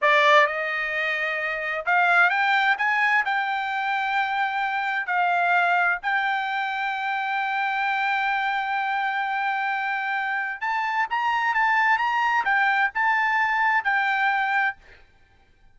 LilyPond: \new Staff \with { instrumentName = "trumpet" } { \time 4/4 \tempo 4 = 130 d''4 dis''2. | f''4 g''4 gis''4 g''4~ | g''2. f''4~ | f''4 g''2.~ |
g''1~ | g''2. a''4 | ais''4 a''4 ais''4 g''4 | a''2 g''2 | }